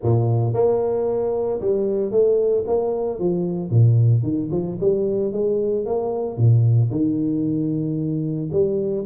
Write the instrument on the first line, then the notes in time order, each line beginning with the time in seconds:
tuba
0.02 A#2
0.53 A#3
1.60 G3
2.11 A3
2.66 A#3
3.19 F3
3.70 A#2
4.22 D#3
4.51 F3
4.80 G3
5.32 G#3
5.86 A#3
6.37 A#2
6.90 D#3
8.52 G3